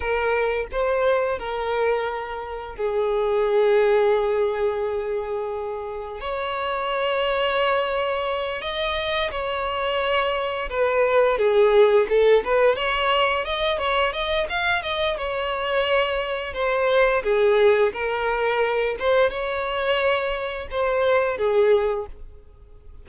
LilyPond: \new Staff \with { instrumentName = "violin" } { \time 4/4 \tempo 4 = 87 ais'4 c''4 ais'2 | gis'1~ | gis'4 cis''2.~ | cis''8 dis''4 cis''2 b'8~ |
b'8 gis'4 a'8 b'8 cis''4 dis''8 | cis''8 dis''8 f''8 dis''8 cis''2 | c''4 gis'4 ais'4. c''8 | cis''2 c''4 gis'4 | }